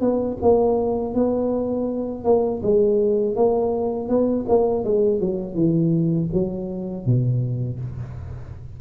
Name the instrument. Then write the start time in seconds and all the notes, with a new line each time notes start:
tuba
0.00 B3
0.41 A#3
1.14 B3
2.24 A#3
2.62 G#3
3.35 A#3
4.08 B3
4.48 A#3
4.84 G#3
5.20 F#3
5.54 E3
6.33 F#3
7.05 B2